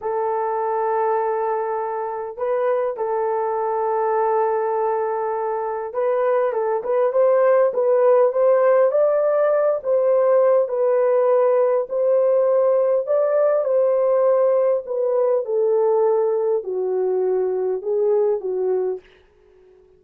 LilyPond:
\new Staff \with { instrumentName = "horn" } { \time 4/4 \tempo 4 = 101 a'1 | b'4 a'2.~ | a'2 b'4 a'8 b'8 | c''4 b'4 c''4 d''4~ |
d''8 c''4. b'2 | c''2 d''4 c''4~ | c''4 b'4 a'2 | fis'2 gis'4 fis'4 | }